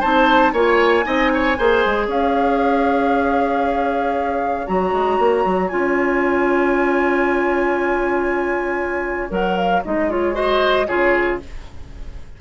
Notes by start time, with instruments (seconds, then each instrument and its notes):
0.00 bassoon C4, clarinet D#4, oboe C5, flute A5
0.53 bassoon A#3, clarinet F4, oboe C#5, flute G#5
1.03 bassoon C4, clarinet D#4, oboe D#5
1.33 oboe C#5
1.58 bassoon A#3, clarinet G#4, oboe C5
1.85 bassoon G#3
2.07 bassoon C#4, oboe C#5, flute F5
4.66 bassoon F#3, clarinet F#4, flute A#5
4.92 bassoon G#3
5.19 bassoon A#3
5.45 bassoon F#3
5.68 bassoon C#4, clarinet F4, flute G#5
9.30 bassoon F#3, clarinet A#4, flute F#5
9.57 flute F5
9.84 bassoon G#3, clarinet D#4, flute D#5
10.10 clarinet F4, flute C#5
10.33 clarinet F#4, oboe C5, flute D#5
10.86 bassoon C#3, clarinet F4, oboe G#4, flute C#5